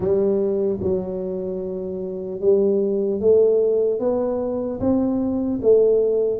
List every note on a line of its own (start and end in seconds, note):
0.00 0.79 G3
0.81 2.40 F#3
2.40 3.20 G3
3.20 3.99 A3
3.99 4.79 B3
4.80 5.60 C4
5.62 6.40 A3